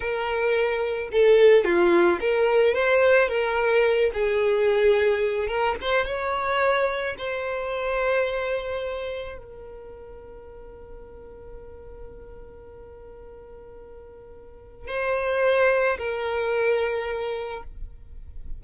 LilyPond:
\new Staff \with { instrumentName = "violin" } { \time 4/4 \tempo 4 = 109 ais'2 a'4 f'4 | ais'4 c''4 ais'4. gis'8~ | gis'2 ais'8 c''8 cis''4~ | cis''4 c''2.~ |
c''4 ais'2.~ | ais'1~ | ais'2. c''4~ | c''4 ais'2. | }